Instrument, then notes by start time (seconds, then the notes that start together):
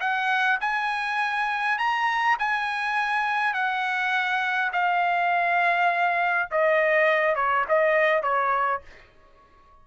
trumpet
0.00 F#5
0.60 G#5
1.78 A#5
2.39 G#5
3.53 F#5
4.72 F5
6.51 D#5
7.35 C#5
7.68 D#5
8.22 C#5